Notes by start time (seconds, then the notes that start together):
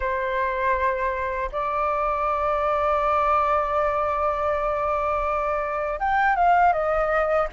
0.00 C5
1.51 D5
5.99 G5
6.35 F5
6.72 D#5